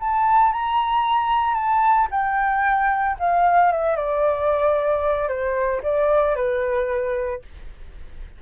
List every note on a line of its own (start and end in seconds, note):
0.00 0.53 A5
0.53 1.54 A#5
1.54 2.08 A5
2.11 3.17 G5
3.19 3.72 F5
3.72 3.96 E5
3.96 5.29 D5
5.29 5.82 C5
5.83 6.36 D5
6.36 7.42 B4